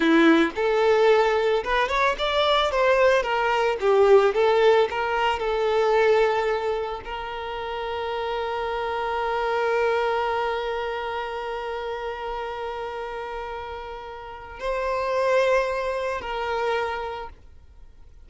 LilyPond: \new Staff \with { instrumentName = "violin" } { \time 4/4 \tempo 4 = 111 e'4 a'2 b'8 cis''8 | d''4 c''4 ais'4 g'4 | a'4 ais'4 a'2~ | a'4 ais'2.~ |
ais'1~ | ais'1~ | ais'2. c''4~ | c''2 ais'2 | }